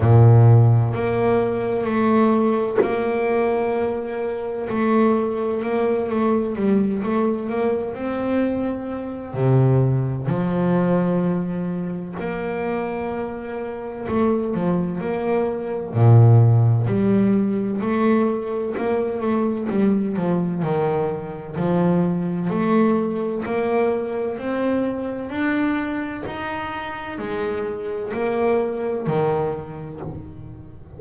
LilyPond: \new Staff \with { instrumentName = "double bass" } { \time 4/4 \tempo 4 = 64 ais,4 ais4 a4 ais4~ | ais4 a4 ais8 a8 g8 a8 | ais8 c'4. c4 f4~ | f4 ais2 a8 f8 |
ais4 ais,4 g4 a4 | ais8 a8 g8 f8 dis4 f4 | a4 ais4 c'4 d'4 | dis'4 gis4 ais4 dis4 | }